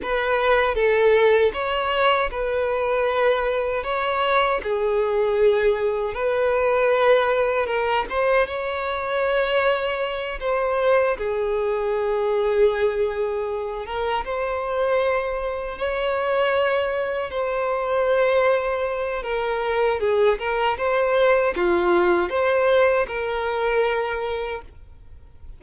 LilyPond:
\new Staff \with { instrumentName = "violin" } { \time 4/4 \tempo 4 = 78 b'4 a'4 cis''4 b'4~ | b'4 cis''4 gis'2 | b'2 ais'8 c''8 cis''4~ | cis''4. c''4 gis'4.~ |
gis'2 ais'8 c''4.~ | c''8 cis''2 c''4.~ | c''4 ais'4 gis'8 ais'8 c''4 | f'4 c''4 ais'2 | }